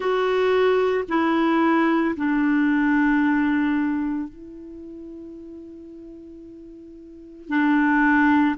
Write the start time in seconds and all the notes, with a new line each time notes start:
0.00 F#4
1.08 E4
2.16 D4
4.29 E4
7.48 D4